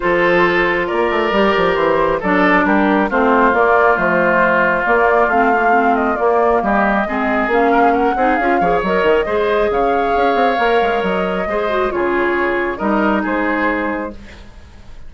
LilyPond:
<<
  \new Staff \with { instrumentName = "flute" } { \time 4/4 \tempo 4 = 136 c''2 d''2 | c''4 d''4 ais'4 c''4 | d''4 c''2 d''4 | f''4. dis''8 d''4 dis''4~ |
dis''4 f''4 fis''4 f''4 | dis''2 f''2~ | f''4 dis''2 cis''4~ | cis''4 dis''4 c''2 | }
  \new Staff \with { instrumentName = "oboe" } { \time 4/4 a'2 ais'2~ | ais'4 a'4 g'4 f'4~ | f'1~ | f'2. g'4 |
gis'4. ais'16 gis'16 ais'8 gis'4 cis''8~ | cis''4 c''4 cis''2~ | cis''2 c''4 gis'4~ | gis'4 ais'4 gis'2 | }
  \new Staff \with { instrumentName = "clarinet" } { \time 4/4 f'2. g'4~ | g'4 d'2 c'4 | ais4 a2 ais4 | c'8 ais8 c'4 ais2 |
c'4 cis'4. dis'8 f'8 gis'8 | ais'4 gis'2. | ais'2 gis'8 fis'8 f'4~ | f'4 dis'2. | }
  \new Staff \with { instrumentName = "bassoon" } { \time 4/4 f2 ais8 a8 g8 f8 | e4 fis4 g4 a4 | ais4 f2 ais4 | a2 ais4 g4 |
gis4 ais4. c'8 cis'8 f8 | fis8 dis8 gis4 cis4 cis'8 c'8 | ais8 gis8 fis4 gis4 cis4~ | cis4 g4 gis2 | }
>>